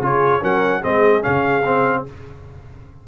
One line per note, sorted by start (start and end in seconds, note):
0.00 0.41 C#3
0.00 0.41 F4
0.00 0.42 G#4
0.00 0.43 C#5
0.41 0.83 F#3
0.41 0.81 C#4
0.41 0.81 A#4
0.41 0.83 F#5
0.81 1.24 G#3
0.81 1.21 C4
0.81 2.03 G#4
0.81 1.23 D#5
1.21 2.07 C#3
1.21 1.62 C#4
1.21 2.04 F5
1.65 2.05 C4